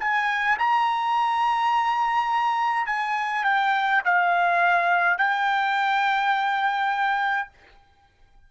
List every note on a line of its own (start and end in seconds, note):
0.00 0.58 G#5
0.59 2.87 A#5
2.87 3.45 G#5
3.45 4.02 G5
4.05 5.18 F5
5.18 7.49 G5